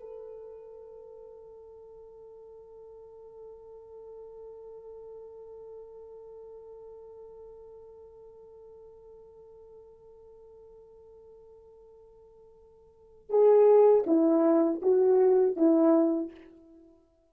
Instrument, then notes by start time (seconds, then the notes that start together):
horn
0.00 A4
13.30 G#4
14.07 E4
14.82 F#4
15.57 E4